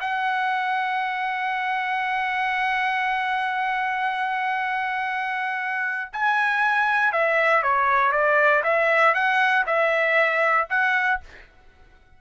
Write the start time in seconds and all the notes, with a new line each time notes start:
0.00 F#5
6.12 G#5
7.12 E5
7.62 C#5
8.12 D5
8.63 E5
9.14 F#5
9.66 E5
10.69 F#5